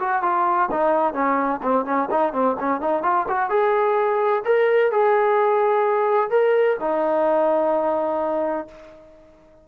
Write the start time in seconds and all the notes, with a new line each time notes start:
0.00 F#4
0.23 F4
0.71 D#4
1.14 C#4
1.63 C4
1.85 C#4
2.11 D#4
2.33 C4
2.60 C#4
2.81 D#4
3.03 F4
3.28 F#4
3.50 G#4
4.45 A#4
4.92 G#4
6.30 A#4
6.80 D#4